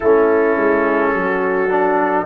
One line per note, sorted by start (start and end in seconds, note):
0.00 0.56 A3
0.00 1.69 C#4
0.00 1.13 E4
0.00 2.25 A4
0.56 1.13 G#3
1.13 2.25 F#3
1.13 2.25 F#4
1.69 2.25 D4